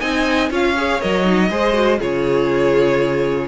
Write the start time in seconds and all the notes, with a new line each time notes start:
0.00 C4 D#4 D#5 G#5
0.50 C#4 F4 C#5 F5
0.77 G#4
1.01 F#3 A#4 D#5
1.25 D#4
1.50 G#3 G#4 C5
1.73 F#4
1.99 C#3 F4 G#4 C#5